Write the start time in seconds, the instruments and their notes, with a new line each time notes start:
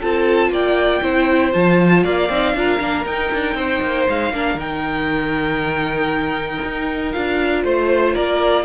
0.00 cello C4, viola F4, violin A4 A5
0.49 cello A#3, violin D5 G5
1.02 cello C4, viola E4, violin C5
1.52 cello F3, viola F4, violin A5
2.03 cello A#3, violin D5 F5
2.29 cello C4, viola D#4
2.54 cello D4, viola F4, violin A#4
2.79 cello A#3, viola D4
3.05 cello D#4, viola D#4, violin G5
3.33 cello D4
3.54 cello C4, violin C5
3.82 cello A#3
4.08 cello G#3, violin F5
4.32 cello A#3, viola D4, violin A#4
4.54 cello D#3, viola D#4, violin G5
6.63 cello D#4
7.12 cello D4, viola F4, violin F5
7.63 cello A3, violin C5
8.13 cello A#3, violin A#4 D5